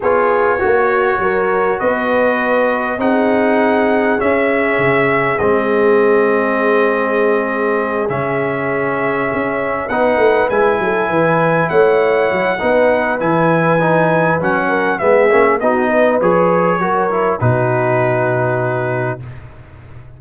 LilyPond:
<<
  \new Staff \with { instrumentName = "trumpet" } { \time 4/4 \tempo 4 = 100 cis''2. dis''4~ | dis''4 fis''2 e''4~ | e''4 dis''2.~ | dis''4. e''2~ e''8~ |
e''8 fis''4 gis''2 fis''8~ | fis''2 gis''2 | fis''4 e''4 dis''4 cis''4~ | cis''4 b'2. | }
  \new Staff \with { instrumentName = "horn" } { \time 4/4 gis'4 fis'4 ais'4 b'4~ | b'4 gis'2.~ | gis'1~ | gis'1~ |
gis'8 b'4. a'8 b'4 cis''8~ | cis''4 b'2.~ | b'8 ais'8 gis'4 fis'8 b'4. | ais'4 fis'2. | }
  \new Staff \with { instrumentName = "trombone" } { \time 4/4 f'4 fis'2.~ | fis'4 dis'2 cis'4~ | cis'4 c'2.~ | c'4. cis'2~ cis'8~ |
cis'8 dis'4 e'2~ e'8~ | e'4 dis'4 e'4 dis'4 | cis'4 b8 cis'8 dis'4 gis'4 | fis'8 e'8 dis'2. | }
  \new Staff \with { instrumentName = "tuba" } { \time 4/4 b4 ais4 fis4 b4~ | b4 c'2 cis'4 | cis4 gis2.~ | gis4. cis2 cis'8~ |
cis'8 b8 a8 gis8 fis8 e4 a8~ | a8 fis8 b4 e2 | fis4 gis8 ais8 b4 f4 | fis4 b,2. | }
>>